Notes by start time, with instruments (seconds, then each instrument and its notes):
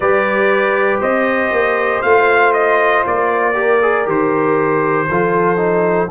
0.00 tuba G3, trombone G4, horn B4, trumpet D5
1.00 tuba C4, horn C5, trumpet D#5
1.51 tuba A#3
2.02 tuba A3, trombone F4, trumpet F5
2.53 trumpet D#5
3.06 tuba A#3, trumpet D5
3.54 trombone G4, horn A#4
3.82 trombone G#4
4.05 tuba D#3, trombone G4, trumpet C5
5.09 tuba F3, trombone F4, horn A4
5.56 trombone D#4